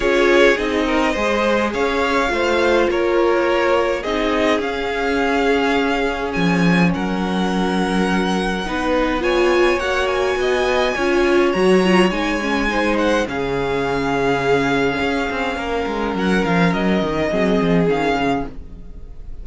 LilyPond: <<
  \new Staff \with { instrumentName = "violin" } { \time 4/4 \tempo 4 = 104 cis''4 dis''2 f''4~ | f''4 cis''2 dis''4 | f''2. gis''4 | fis''1 |
gis''4 fis''8 gis''2~ gis''8 | ais''4 gis''4. fis''8 f''4~ | f''1 | fis''8 f''8 dis''2 f''4 | }
  \new Staff \with { instrumentName = "violin" } { \time 4/4 gis'4. ais'8 c''4 cis''4 | c''4 ais'2 gis'4~ | gis'1 | ais'2. b'4 |
cis''2 dis''4 cis''4~ | cis''2 c''4 gis'4~ | gis'2. ais'4~ | ais'2 gis'2 | }
  \new Staff \with { instrumentName = "viola" } { \time 4/4 f'4 dis'4 gis'2 | f'2. dis'4 | cis'1~ | cis'2. dis'4 |
f'4 fis'2 f'4 | fis'8 f'8 dis'8 cis'8 dis'4 cis'4~ | cis'1~ | cis'2 c'4 cis'4 | }
  \new Staff \with { instrumentName = "cello" } { \time 4/4 cis'4 c'4 gis4 cis'4 | a4 ais2 c'4 | cis'2. f4 | fis2. b4~ |
b4 ais4 b4 cis'4 | fis4 gis2 cis4~ | cis2 cis'8 c'8 ais8 gis8 | fis8 f8 fis8 dis8 fis8 f8 dis8 cis8 | }
>>